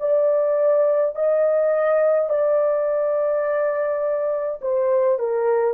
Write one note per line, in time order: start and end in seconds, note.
0.00 1.15 D5
1.15 2.30 D#5
2.30 4.60 D5
4.62 5.19 C5
5.19 5.74 A#4